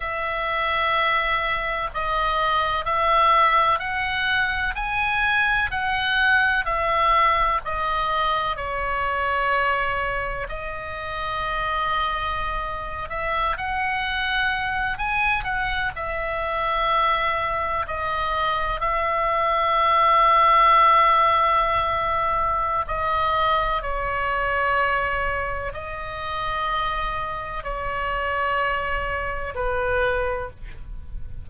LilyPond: \new Staff \with { instrumentName = "oboe" } { \time 4/4 \tempo 4 = 63 e''2 dis''4 e''4 | fis''4 gis''4 fis''4 e''4 | dis''4 cis''2 dis''4~ | dis''4.~ dis''16 e''8 fis''4. gis''16~ |
gis''16 fis''8 e''2 dis''4 e''16~ | e''1 | dis''4 cis''2 dis''4~ | dis''4 cis''2 b'4 | }